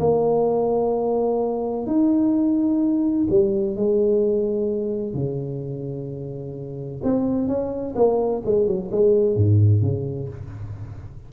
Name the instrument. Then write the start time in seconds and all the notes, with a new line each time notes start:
tuba
0.00 A#3
1.87 D#4
3.30 G3
3.76 G#3
5.14 C#3
7.04 C4
7.48 C#4
7.96 A#3
8.46 G#3
8.67 F#3
8.91 G#3
9.37 G#2
9.82 C#3